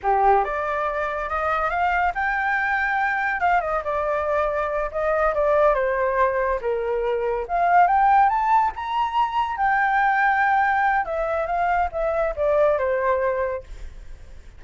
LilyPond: \new Staff \with { instrumentName = "flute" } { \time 4/4 \tempo 4 = 141 g'4 d''2 dis''4 | f''4 g''2. | f''8 dis''8 d''2~ d''8 dis''8~ | dis''8 d''4 c''2 ais'8~ |
ais'4. f''4 g''4 a''8~ | a''8 ais''2 g''4.~ | g''2 e''4 f''4 | e''4 d''4 c''2 | }